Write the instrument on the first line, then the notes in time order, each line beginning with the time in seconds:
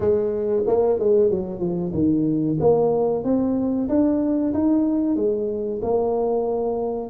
tuba
0.00 G#3
0.67 A#3
0.99 G#3
1.30 F#3
1.59 F3
1.93 D#3
2.60 A#3
3.23 C4
3.89 D4
4.53 D#4
5.16 G#3
5.82 A#3